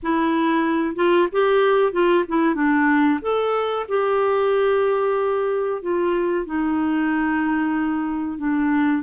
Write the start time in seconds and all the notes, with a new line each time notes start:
0.02 E4
0.95 F4
1.32 G4
1.92 F4
2.28 E4
2.55 D4
3.21 A4
3.88 G4
5.82 F4
6.46 D#4
8.38 D4